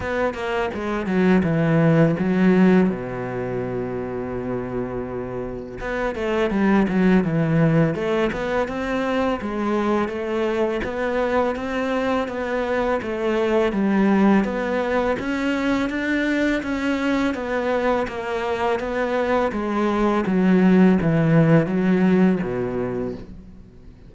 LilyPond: \new Staff \with { instrumentName = "cello" } { \time 4/4 \tempo 4 = 83 b8 ais8 gis8 fis8 e4 fis4 | b,1 | b8 a8 g8 fis8 e4 a8 b8 | c'4 gis4 a4 b4 |
c'4 b4 a4 g4 | b4 cis'4 d'4 cis'4 | b4 ais4 b4 gis4 | fis4 e4 fis4 b,4 | }